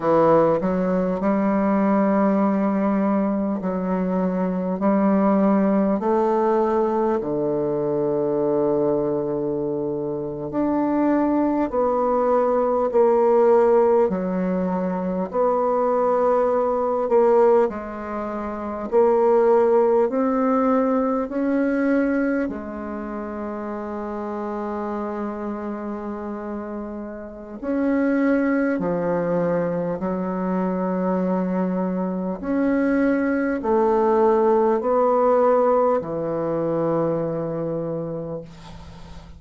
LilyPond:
\new Staff \with { instrumentName = "bassoon" } { \time 4/4 \tempo 4 = 50 e8 fis8 g2 fis4 | g4 a4 d2~ | d8. d'4 b4 ais4 fis16~ | fis8. b4. ais8 gis4 ais16~ |
ais8. c'4 cis'4 gis4~ gis16~ | gis2. cis'4 | f4 fis2 cis'4 | a4 b4 e2 | }